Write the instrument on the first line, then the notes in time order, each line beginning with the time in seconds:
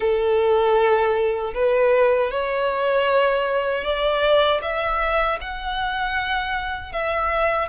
violin
0.00 A4
1.53 B4
2.30 C#5
3.84 D5
4.62 E5
5.41 F#5
6.92 E5